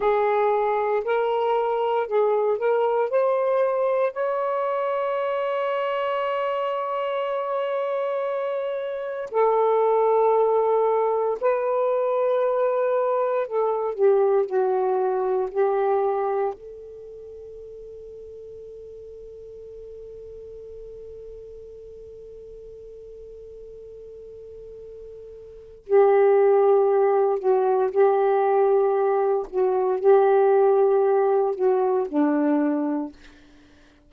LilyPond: \new Staff \with { instrumentName = "saxophone" } { \time 4/4 \tempo 4 = 58 gis'4 ais'4 gis'8 ais'8 c''4 | cis''1~ | cis''4 a'2 b'4~ | b'4 a'8 g'8 fis'4 g'4 |
a'1~ | a'1~ | a'4 g'4. fis'8 g'4~ | g'8 fis'8 g'4. fis'8 d'4 | }